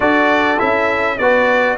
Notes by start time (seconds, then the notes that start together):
0.00 D4 F#4 A4 D5
0.57 C#4 E4 E5
1.18 B3 F#4 B4 D5